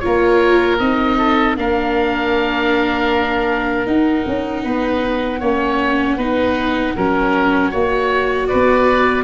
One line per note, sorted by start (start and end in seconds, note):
0.00 0.79 F4
0.00 1.18 A#4
0.00 0.77 C#5
0.06 0.80 A#3
0.79 1.57 C4
0.79 1.57 D#4
0.79 1.56 D#5
1.18 1.56 A4
1.57 3.87 A#3
1.57 3.87 D4
1.57 4.64 A#4
1.57 3.87 F5
3.87 5.40 D#4
3.87 4.25 D#4
3.87 8.47 F#5
4.27 4.65 C#4
4.64 5.41 B3
4.64 5.40 B4
5.40 6.18 A#3
5.40 6.19 C#4
5.40 6.17 C#5
6.17 6.95 B3
6.17 6.96 D#4
6.17 6.94 B4
6.96 7.73 F#3
6.96 7.72 C#4
6.96 7.71 A#4
7.71 8.50 A#3
7.71 9.24 F#4
7.71 8.48 C#5
8.47 9.24 B4
8.47 9.24 D5
8.54 9.24 B3